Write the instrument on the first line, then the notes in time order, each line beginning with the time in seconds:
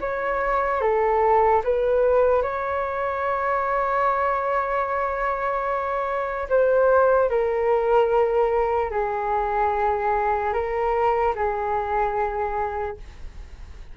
flute
0.00 C#5
0.81 A4
1.64 B4
2.42 C#5
6.49 C5
7.29 A#4
8.90 G#4
10.53 A#4
11.35 G#4